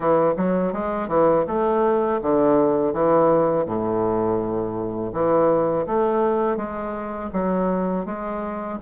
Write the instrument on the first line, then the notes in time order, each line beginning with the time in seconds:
bassoon
0.00 E3
0.37 F#3
0.73 G#3
1.08 E3
1.47 A3
2.22 D3
2.93 E3
3.66 A2
5.12 E3
5.86 A3
6.56 G#3
7.32 F#3
8.05 G#3